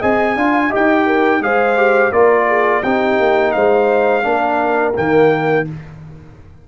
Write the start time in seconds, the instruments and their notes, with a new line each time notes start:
0.00 tuba C4, trombone G#4, horn D#5, trumpet G#5
0.36 tuba D4, trombone F4, horn F5
0.70 trombone G4, horn D#5, trumpet G5
0.76 tuba D#4
1.07 horn A#4
1.41 tuba G#3, trombone G#4, horn C5, trumpet F5
1.77 trombone G4
2.12 tuba A#3, trombone F4, horn A#4, trumpet D5
2.49 horn G#4
2.84 tuba C4, trombone D#4, horn G4, trumpet G5
3.20 tuba A#3
3.52 tuba G#3, horn C5, trumpet F5
4.23 tuba A#3, trombone D4, horn A#4
4.95 tuba D#3, trombone A#3, trumpet G5